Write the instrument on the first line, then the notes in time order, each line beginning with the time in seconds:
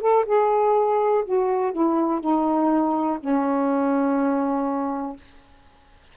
saxophone
0.00 A4
0.25 G#4
1.24 F#4
1.72 E4
2.20 D#4
3.19 C#4